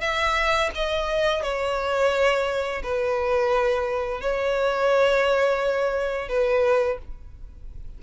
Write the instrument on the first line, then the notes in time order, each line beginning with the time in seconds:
violin
0.00 E5
0.75 D#5
1.42 C#5
2.83 B4
4.21 C#5
6.28 B4